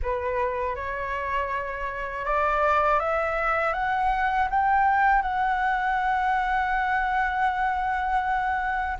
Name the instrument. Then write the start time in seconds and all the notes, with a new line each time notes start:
flute
0.02 B4
0.75 C#5
2.25 D5
2.99 E5
3.73 F#5
4.50 G5
5.22 F#5